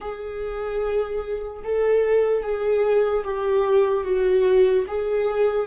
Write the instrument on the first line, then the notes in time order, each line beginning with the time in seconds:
viola
0.00 G#4
1.64 A4
2.42 G#4
3.24 G4
4.04 F#4
4.87 G#4